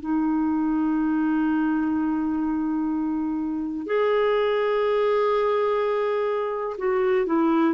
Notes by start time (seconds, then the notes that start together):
0.00 D#4
3.86 G#4
6.77 F#4
7.26 E4